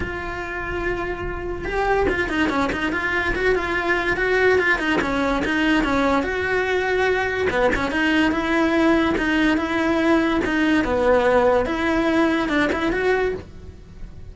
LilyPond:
\new Staff \with { instrumentName = "cello" } { \time 4/4 \tempo 4 = 144 f'1 | g'4 f'8 dis'8 cis'8 dis'8 f'4 | fis'8 f'4. fis'4 f'8 dis'8 | cis'4 dis'4 cis'4 fis'4~ |
fis'2 b8 cis'8 dis'4 | e'2 dis'4 e'4~ | e'4 dis'4 b2 | e'2 d'8 e'8 fis'4 | }